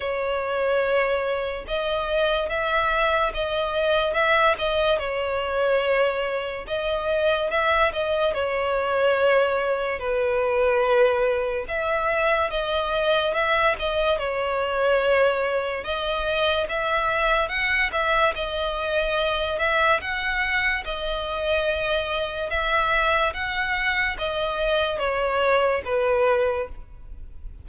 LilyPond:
\new Staff \with { instrumentName = "violin" } { \time 4/4 \tempo 4 = 72 cis''2 dis''4 e''4 | dis''4 e''8 dis''8 cis''2 | dis''4 e''8 dis''8 cis''2 | b'2 e''4 dis''4 |
e''8 dis''8 cis''2 dis''4 | e''4 fis''8 e''8 dis''4. e''8 | fis''4 dis''2 e''4 | fis''4 dis''4 cis''4 b'4 | }